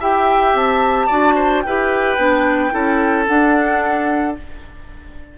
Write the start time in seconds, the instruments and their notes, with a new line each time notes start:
0.00 bassoon E4, clarinet G4, oboe E5, flute G5
0.54 bassoon C4, flute A5
1.07 bassoon D4, clarinet F#4, oboe D5
1.36 oboe C5
1.62 bassoon E4, clarinet G4, oboe B4, flute G5
2.17 bassoon B3, clarinet D4
2.71 bassoon C#4, clarinet E4, oboe A4
3.27 clarinet D4, bassoon D4, flute F#5